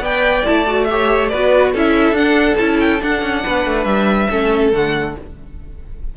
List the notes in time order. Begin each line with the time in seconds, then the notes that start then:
0.00 B3 B4 D5 G5
0.45 A3 E4 A5
0.67 F#4
0.85 G4 E5
0.91 C#5
1.29 B3 F#4 B4 D5
1.72 C#4 E4 A4
1.78 E5
2.12 D4 F#5
2.56 C#4 E4 A5
2.80 G5
3.00 D4 F#5
3.22 C#4
3.44 B3 B4
3.66 A3
3.84 G3 E5
4.30 A3 C#4 A4
4.73 D3 A3 F#5